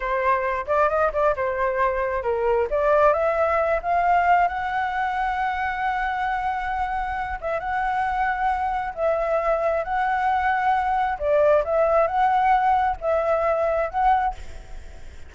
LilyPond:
\new Staff \with { instrumentName = "flute" } { \time 4/4 \tempo 4 = 134 c''4. d''8 dis''8 d''8 c''4~ | c''4 ais'4 d''4 e''4~ | e''8 f''4. fis''2~ | fis''1~ |
fis''8 e''8 fis''2. | e''2 fis''2~ | fis''4 d''4 e''4 fis''4~ | fis''4 e''2 fis''4 | }